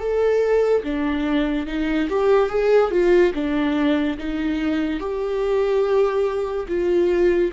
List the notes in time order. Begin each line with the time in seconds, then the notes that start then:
0.00 A4
0.84 D4
1.67 D#4
2.10 G4
2.50 G#4
2.91 F4
3.34 D4
4.18 D#4
5.00 G4
6.69 F4